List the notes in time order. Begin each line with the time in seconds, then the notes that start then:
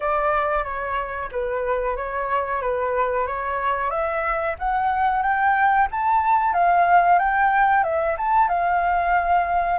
0.00 D5
0.63 C#5
1.31 B4
1.96 C#5
2.61 B4
3.26 C#5
3.90 E5
4.58 F#5
5.22 G5
5.91 A5
6.53 F5
7.19 G5
7.83 E5
8.17 A5
8.48 F5